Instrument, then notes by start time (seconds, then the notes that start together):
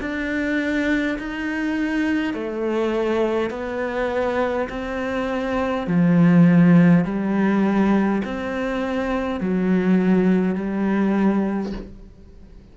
cello
0.00 D4
1.18 D#4
2.34 A3
3.50 B3
4.70 C4
5.87 F3
7.04 G3
8.25 C4
9.40 F#3
10.55 G3